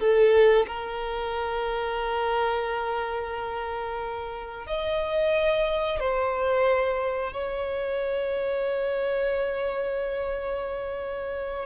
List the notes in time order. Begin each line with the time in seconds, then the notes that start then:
0.00 A4
0.67 A#4
4.67 D#5
6.00 C5
7.33 C#5